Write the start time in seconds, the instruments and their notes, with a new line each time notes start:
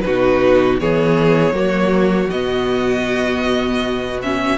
0.00 cello B2, viola D#4, violin F#4 B4
0.80 cello E3, viola B3, violin G#4 C#5
1.52 cello F#3, viola A#3, violin F#4
2.30 cello B2, viola B3, violin D#5
4.22 viola C#4, violin E5